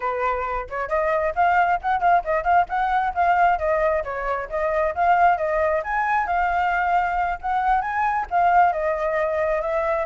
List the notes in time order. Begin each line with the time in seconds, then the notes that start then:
0.00 B4
0.69 C#5
0.88 D#5
1.35 F5
1.81 F#5
2.00 F5
2.24 D#5
2.44 F5
2.68 F#5
3.14 F5
3.58 D#5
4.04 C#5
4.49 D#5
4.95 F5
5.37 D#5
5.83 G#5
6.26 F5
7.41 F#5
7.81 G#5
8.30 F5
8.72 D#5
9.61 E5